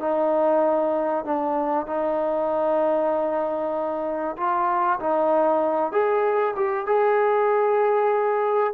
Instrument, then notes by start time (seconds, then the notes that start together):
trombone
0.00 D#4
1.25 D4
1.87 D#4
4.37 F4
5.00 D#4
5.92 G#4
6.56 G4
6.87 G#4